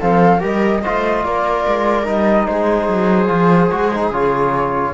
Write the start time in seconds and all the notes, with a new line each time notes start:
0.00 F3 C4 A4 F5
0.40 G3 G4 A#4 D#5
0.83 A3 F4 C5
1.24 A#3 A#4 D5
1.67 G#3
2.05 G3 D#4 D#5
2.47 G#3 G#4 C5
2.88 F#3
3.27 F3 F4
3.71 G#3 F#4
3.95 D#4
4.10 C#3 F4 C#5